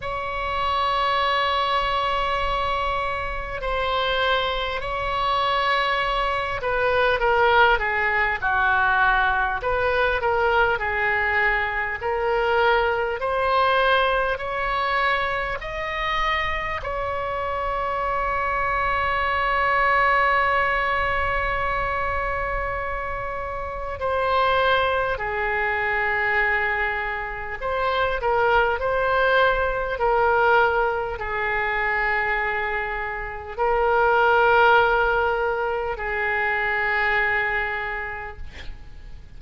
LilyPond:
\new Staff \with { instrumentName = "oboe" } { \time 4/4 \tempo 4 = 50 cis''2. c''4 | cis''4. b'8 ais'8 gis'8 fis'4 | b'8 ais'8 gis'4 ais'4 c''4 | cis''4 dis''4 cis''2~ |
cis''1 | c''4 gis'2 c''8 ais'8 | c''4 ais'4 gis'2 | ais'2 gis'2 | }